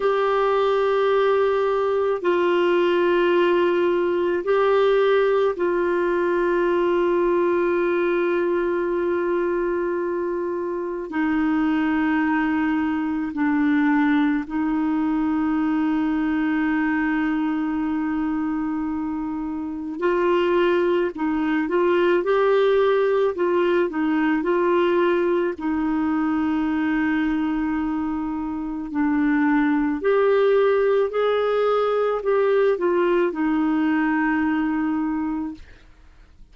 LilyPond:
\new Staff \with { instrumentName = "clarinet" } { \time 4/4 \tempo 4 = 54 g'2 f'2 | g'4 f'2.~ | f'2 dis'2 | d'4 dis'2.~ |
dis'2 f'4 dis'8 f'8 | g'4 f'8 dis'8 f'4 dis'4~ | dis'2 d'4 g'4 | gis'4 g'8 f'8 dis'2 | }